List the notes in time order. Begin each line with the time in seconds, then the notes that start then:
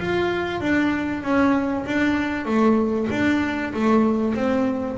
0.00 F4
0.61 D4
1.23 C#4
1.86 D4
2.46 A3
3.11 D4
3.74 A3
4.35 C4